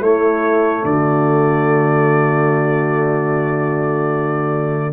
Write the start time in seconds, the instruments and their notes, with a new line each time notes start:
0.00 tuba A3, trombone A3, horn E4, trumpet C#5
0.84 tuba D3, horn F#4, trumpet D5